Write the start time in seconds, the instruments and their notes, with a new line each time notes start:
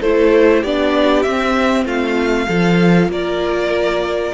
0.00 cello A3, viola E4, violin A4 C5
0.61 cello B3, viola D4, violin G4 D5
1.22 viola C4, cello C4, violin E5
1.84 cello A3, violin F4 F5
2.47 cello F3, viola F4, violin A4
3.09 cello A#3, violin A#4 D5